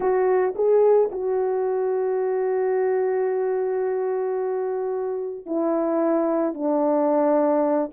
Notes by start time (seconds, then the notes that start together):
0.00 F#4
0.55 G#4
1.11 F#4
5.45 E4
6.54 D4